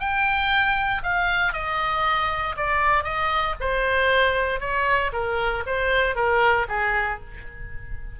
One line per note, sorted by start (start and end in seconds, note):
0.00 1.03 G5
1.03 1.53 F5
1.53 2.56 D#5
2.57 3.04 D5
3.04 3.55 D#5
3.60 4.60 C5
4.60 5.12 C#5
5.13 5.64 A#4
5.67 6.15 C5
6.15 6.67 A#4
6.69 7.20 G#4